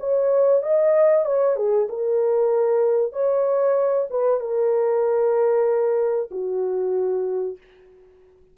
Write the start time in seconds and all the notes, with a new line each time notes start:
0.00 C#5
0.63 D#5
1.26 C#5
1.57 G#4
1.89 A#4
3.13 C#5
4.11 B4
4.40 A#4
6.31 F#4